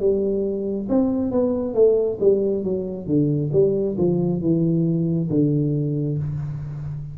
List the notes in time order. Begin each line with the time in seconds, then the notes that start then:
0.00 G3
0.89 C4
1.32 B3
1.74 A3
2.21 G3
2.64 F#3
3.07 D3
3.53 G3
3.98 F3
4.41 E3
5.30 D3